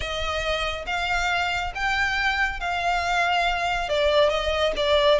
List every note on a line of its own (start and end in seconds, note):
0.00 0.85 D#5
0.86 1.72 F5
1.74 2.60 G5
2.60 3.88 F5
3.88 4.29 D5
4.29 4.72 D#5
4.76 5.19 D5